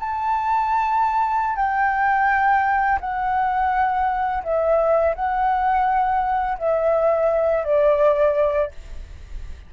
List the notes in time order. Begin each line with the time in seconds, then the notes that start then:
0.00 A5
1.56 G5
3.01 F#5
4.44 E5
5.16 F#5
6.58 E5
7.64 D5